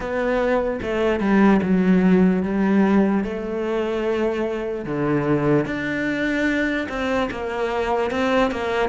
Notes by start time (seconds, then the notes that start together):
0.00 B3
0.82 A3
1.19 G3
1.62 F#3
2.43 G3
3.24 A3
4.85 D3
5.65 D4
6.88 C4
7.30 A#3
8.10 C4
8.51 A#3